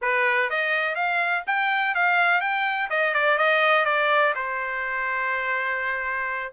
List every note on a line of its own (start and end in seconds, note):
0.01 0.49 B4
0.50 0.95 D#5
0.95 1.43 F5
1.46 1.95 G5
1.95 2.40 F5
2.40 2.89 G5
2.89 3.13 D#5
3.13 3.38 D5
3.38 3.85 D#5
3.85 4.33 D5
4.35 6.53 C5